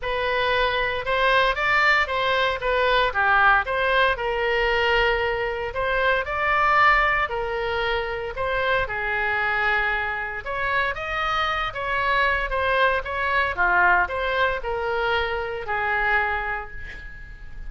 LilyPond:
\new Staff \with { instrumentName = "oboe" } { \time 4/4 \tempo 4 = 115 b'2 c''4 d''4 | c''4 b'4 g'4 c''4 | ais'2. c''4 | d''2 ais'2 |
c''4 gis'2. | cis''4 dis''4. cis''4. | c''4 cis''4 f'4 c''4 | ais'2 gis'2 | }